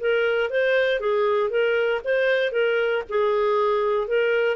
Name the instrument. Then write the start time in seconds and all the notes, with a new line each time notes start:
clarinet
0.00 A#4
0.50 C5
1.00 G#4
1.50 A#4
2.04 C5
2.52 A#4
3.09 G#4
4.07 A#4